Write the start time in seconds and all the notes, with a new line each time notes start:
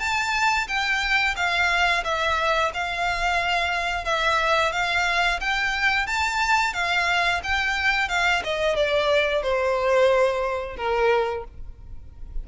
0.00 A5
0.68 G5
1.36 F5
2.04 E5
2.74 F5
4.05 E5
4.73 F5
5.41 G5
6.07 A5
6.74 F5
7.44 G5
8.09 F5
8.44 D#5
8.76 D5
9.43 C5
10.77 A#4